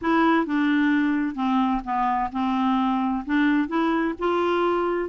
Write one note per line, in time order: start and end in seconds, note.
0.01 0.46 E4
0.46 1.35 D4
1.35 1.81 C4
1.84 2.30 B3
2.32 3.24 C4
3.25 3.68 D4
3.68 4.14 E4
4.18 5.09 F4